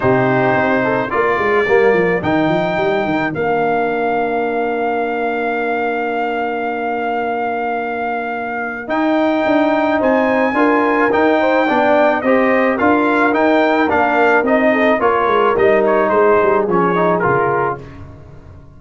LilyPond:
<<
  \new Staff \with { instrumentName = "trumpet" } { \time 4/4 \tempo 4 = 108 c''2 d''2 | g''2 f''2~ | f''1~ | f''1 |
g''2 gis''2 | g''2 dis''4 f''4 | g''4 f''4 dis''4 cis''4 | dis''8 cis''8 c''4 cis''4 ais'4 | }
  \new Staff \with { instrumentName = "horn" } { \time 4/4 g'4. a'8 ais'2~ | ais'1~ | ais'1~ | ais'1~ |
ais'2 c''4 ais'4~ | ais'8 c''8 d''4 c''4 ais'4~ | ais'2~ ais'8 a'8 ais'4~ | ais'4 gis'2. | }
  \new Staff \with { instrumentName = "trombone" } { \time 4/4 dis'2 f'4 ais4 | dis'2 d'2~ | d'1~ | d'1 |
dis'2. f'4 | dis'4 d'4 g'4 f'4 | dis'4 d'4 dis'4 f'4 | dis'2 cis'8 dis'8 f'4 | }
  \new Staff \with { instrumentName = "tuba" } { \time 4/4 c4 c'4 ais8 gis8 g8 f8 | dis8 f8 g8 dis8 ais2~ | ais1~ | ais1 |
dis'4 d'4 c'4 d'4 | dis'4 b4 c'4 d'4 | dis'4 ais4 c'4 ais8 gis8 | g4 gis8 g8 f4 cis4 | }
>>